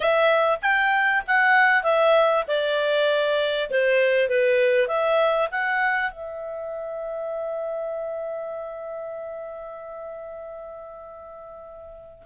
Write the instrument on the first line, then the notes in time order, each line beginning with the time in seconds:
clarinet
0.00 E5
0.62 G5
1.27 F#5
1.83 E5
2.47 D5
3.70 C5
4.29 B4
4.87 E5
5.51 F#5
6.11 E5